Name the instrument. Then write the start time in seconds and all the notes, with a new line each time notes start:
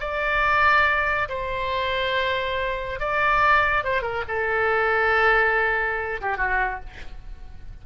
oboe
0.00 D5
1.29 C5
2.99 D5
3.84 C5
4.02 A#4
4.28 A4
6.21 G4
6.37 F#4